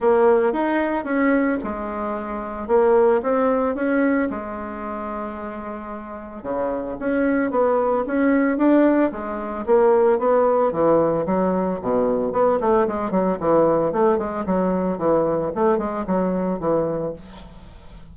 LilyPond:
\new Staff \with { instrumentName = "bassoon" } { \time 4/4 \tempo 4 = 112 ais4 dis'4 cis'4 gis4~ | gis4 ais4 c'4 cis'4 | gis1 | cis4 cis'4 b4 cis'4 |
d'4 gis4 ais4 b4 | e4 fis4 b,4 b8 a8 | gis8 fis8 e4 a8 gis8 fis4 | e4 a8 gis8 fis4 e4 | }